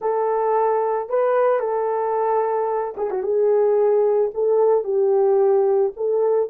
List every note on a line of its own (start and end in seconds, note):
0.01 1.09 A4
1.09 1.59 B4
1.59 2.94 A4
2.97 3.10 G#4
3.10 3.23 F#4
3.23 4.31 G#4
4.34 4.84 A4
4.84 5.92 G4
5.96 6.50 A4